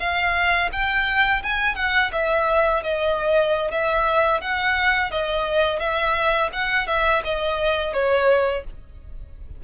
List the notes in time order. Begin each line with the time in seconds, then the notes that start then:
0.00 F5
0.73 G5
1.44 G#5
1.76 F#5
2.13 E5
2.83 D#5
3.72 E5
4.41 F#5
5.11 D#5
5.80 E5
6.53 F#5
6.88 E5
7.25 D#5
7.94 C#5